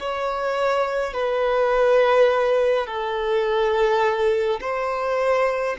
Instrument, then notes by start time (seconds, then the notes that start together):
violin
0.00 C#5
1.13 B4
2.87 A4
4.61 C5